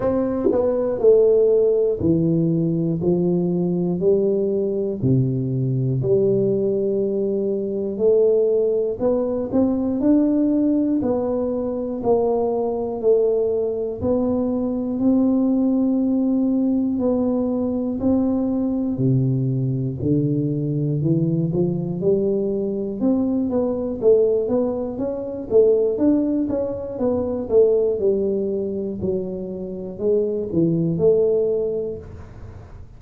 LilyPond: \new Staff \with { instrumentName = "tuba" } { \time 4/4 \tempo 4 = 60 c'8 b8 a4 e4 f4 | g4 c4 g2 | a4 b8 c'8 d'4 b4 | ais4 a4 b4 c'4~ |
c'4 b4 c'4 c4 | d4 e8 f8 g4 c'8 b8 | a8 b8 cis'8 a8 d'8 cis'8 b8 a8 | g4 fis4 gis8 e8 a4 | }